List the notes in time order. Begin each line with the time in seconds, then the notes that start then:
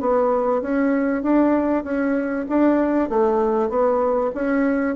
0.00 B3
0.61 C#4
1.23 D4
1.84 C#4
2.49 D4
3.09 A3
3.69 B3
4.34 C#4